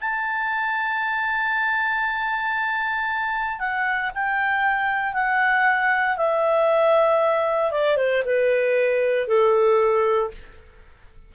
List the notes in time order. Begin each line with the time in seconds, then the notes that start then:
0.00 A5
3.59 F#5
4.14 G5
5.13 F#5
6.16 E5
7.71 D5
7.96 C5
8.25 B4
9.27 A4